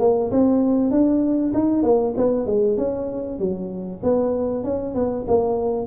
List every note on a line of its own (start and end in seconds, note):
0.00 0.31 A#3
0.31 0.91 C4
0.91 1.53 D4
1.54 1.84 D#4
1.84 2.15 A#3
2.18 2.47 B3
2.47 2.78 G#3
2.78 3.39 C#4
3.39 4.01 F#3
4.03 4.64 B3
4.64 4.95 C#4
4.95 5.26 B3
5.28 5.87 A#3